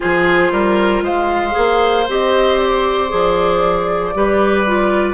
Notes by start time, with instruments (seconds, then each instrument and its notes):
0.00 bassoon F3, clarinet F4, oboe G#4, flute C5
0.51 bassoon G3, oboe A#4
1.02 bassoon G#3, oboe C5, flute F5
1.51 bassoon A#3, clarinet G#4
2.08 bassoon C4, clarinet G4, flute D#5
2.59 flute D5
3.08 bassoon F3, clarinet G#4
4.14 bassoon G3, clarinet G4, oboe B4
4.66 clarinet F4